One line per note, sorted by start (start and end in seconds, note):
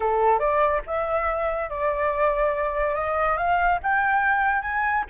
0.00 0.39 A4
0.39 0.81 D5
0.86 1.69 E5
1.69 2.94 D5
2.94 3.37 D#5
3.37 3.79 F5
3.82 4.61 G5
4.61 5.03 G#5